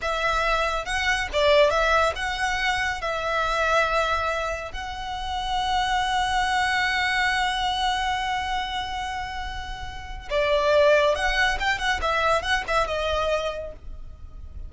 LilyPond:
\new Staff \with { instrumentName = "violin" } { \time 4/4 \tempo 4 = 140 e''2 fis''4 d''4 | e''4 fis''2 e''4~ | e''2. fis''4~ | fis''1~ |
fis''1~ | fis''1 | d''2 fis''4 g''8 fis''8 | e''4 fis''8 e''8 dis''2 | }